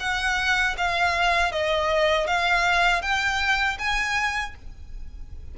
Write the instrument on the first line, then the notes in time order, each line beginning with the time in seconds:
violin
0.00 F#5
0.77 F5
1.52 D#5
2.27 F5
3.02 G5
3.79 G#5